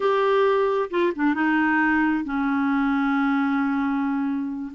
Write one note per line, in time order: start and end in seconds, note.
0.00 0.89 G4
0.90 1.12 F4
1.15 1.34 D4
1.34 2.24 D#4
2.24 4.72 C#4